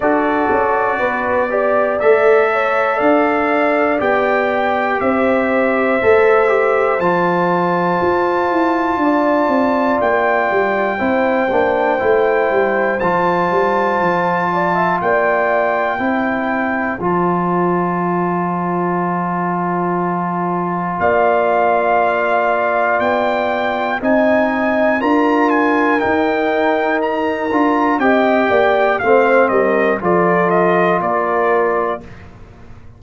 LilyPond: <<
  \new Staff \with { instrumentName = "trumpet" } { \time 4/4 \tempo 4 = 60 d''2 e''4 f''4 | g''4 e''2 a''4~ | a''2 g''2~ | g''4 a''2 g''4~ |
g''4 a''2.~ | a''4 f''2 g''4 | gis''4 ais''8 gis''8 g''4 ais''4 | g''4 f''8 dis''8 d''8 dis''8 d''4 | }
  \new Staff \with { instrumentName = "horn" } { \time 4/4 a'4 b'8 d''4 cis''8 d''4~ | d''4 c''2.~ | c''4 d''2 c''4~ | c''2~ c''8 d''16 e''16 d''4 |
c''1~ | c''4 d''2. | dis''4 ais'2. | dis''8 d''8 c''8 ais'8 a'4 ais'4 | }
  \new Staff \with { instrumentName = "trombone" } { \time 4/4 fis'4. g'8 a'2 | g'2 a'8 g'8 f'4~ | f'2. e'8 d'8 | e'4 f'2. |
e'4 f'2.~ | f'1 | dis'4 f'4 dis'4. f'8 | g'4 c'4 f'2 | }
  \new Staff \with { instrumentName = "tuba" } { \time 4/4 d'8 cis'8 b4 a4 d'4 | b4 c'4 a4 f4 | f'8 e'8 d'8 c'8 ais8 g8 c'8 ais8 | a8 g8 f8 g8 f4 ais4 |
c'4 f2.~ | f4 ais2 b4 | c'4 d'4 dis'4. d'8 | c'8 ais8 a8 g8 f4 ais4 | }
>>